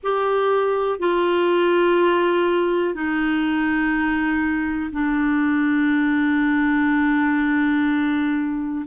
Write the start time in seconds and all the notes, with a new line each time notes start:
0.03 G4
0.99 F4
2.94 D#4
4.92 D4